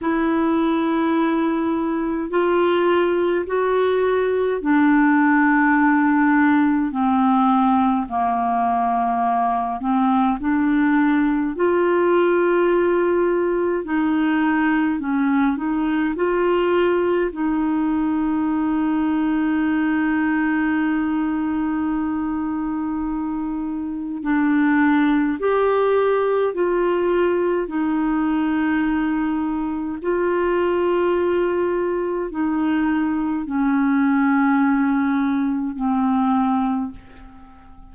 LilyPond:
\new Staff \with { instrumentName = "clarinet" } { \time 4/4 \tempo 4 = 52 e'2 f'4 fis'4 | d'2 c'4 ais4~ | ais8 c'8 d'4 f'2 | dis'4 cis'8 dis'8 f'4 dis'4~ |
dis'1~ | dis'4 d'4 g'4 f'4 | dis'2 f'2 | dis'4 cis'2 c'4 | }